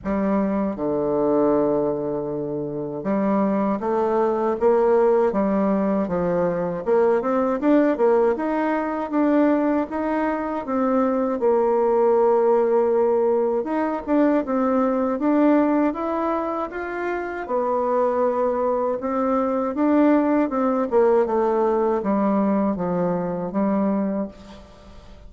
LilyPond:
\new Staff \with { instrumentName = "bassoon" } { \time 4/4 \tempo 4 = 79 g4 d2. | g4 a4 ais4 g4 | f4 ais8 c'8 d'8 ais8 dis'4 | d'4 dis'4 c'4 ais4~ |
ais2 dis'8 d'8 c'4 | d'4 e'4 f'4 b4~ | b4 c'4 d'4 c'8 ais8 | a4 g4 f4 g4 | }